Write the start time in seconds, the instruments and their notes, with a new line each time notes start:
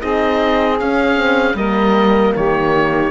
0.00 cello C4, horn D#4, saxophone G#4, oboe D#5
0.80 horn C#4, cello C#4, oboe F5
1.16 horn C4
1.55 cello G3, horn A#3, saxophone A#4, oboe D#5
2.35 cello D#3, saxophone G4, oboe C#5